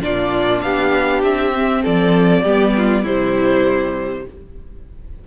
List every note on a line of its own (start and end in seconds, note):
0.00 0.61 A#2
0.00 1.52 D4
0.00 0.64 F4
0.00 0.61 D5
0.61 1.22 B3
0.61 1.82 G4
0.61 1.21 F5
1.22 1.83 C4
1.22 1.84 E5
1.54 2.45 C4
1.82 2.43 F3
1.82 2.42 A4
1.82 3.05 D5
2.43 3.04 G3
2.43 3.05 B3
2.43 2.73 G4
2.77 3.02 F4
3.02 4.25 C3
3.02 4.27 G3
3.02 4.23 E4
3.02 4.26 C5